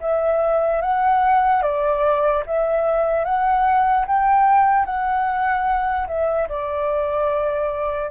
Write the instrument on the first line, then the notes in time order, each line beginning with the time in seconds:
flute
0.00 E5
0.81 F#5
1.62 D5
2.46 E5
3.24 F#5
4.07 G5
4.85 F#5
6.07 E5
6.48 D5